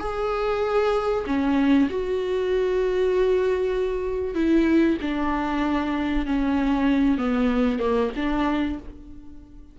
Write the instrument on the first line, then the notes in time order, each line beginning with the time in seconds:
viola
0.00 G#4
1.27 C#4
1.90 F#4
4.35 E4
5.02 D4
6.26 C#4
7.18 B3
7.80 A#3
8.16 D4